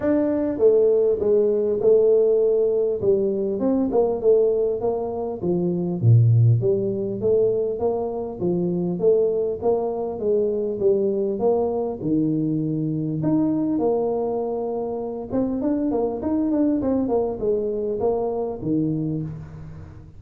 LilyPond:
\new Staff \with { instrumentName = "tuba" } { \time 4/4 \tempo 4 = 100 d'4 a4 gis4 a4~ | a4 g4 c'8 ais8 a4 | ais4 f4 ais,4 g4 | a4 ais4 f4 a4 |
ais4 gis4 g4 ais4 | dis2 dis'4 ais4~ | ais4. c'8 d'8 ais8 dis'8 d'8 | c'8 ais8 gis4 ais4 dis4 | }